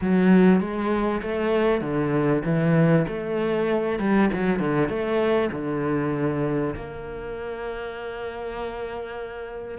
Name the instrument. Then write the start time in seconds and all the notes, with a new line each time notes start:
cello
0.01 F#3
0.60 G#3
1.21 A3
1.81 D3
2.45 E3
3.08 A3
3.99 G3
4.33 F#3
4.59 D3
4.88 A3
5.52 D3
6.75 A#3